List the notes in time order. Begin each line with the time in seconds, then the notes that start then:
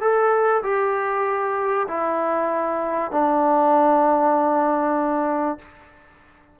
0.00 A4
0.63 G4
1.87 E4
3.11 D4